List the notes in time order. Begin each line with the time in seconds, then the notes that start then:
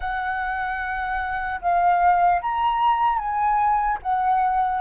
0.00 F#5
1.61 F5
2.41 A#5
3.18 G#5
4.02 F#5